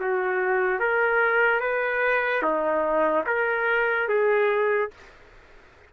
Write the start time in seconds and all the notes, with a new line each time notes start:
0.00 F#4
0.80 A#4
1.60 B4
2.42 D#4
3.27 A#4
4.08 G#4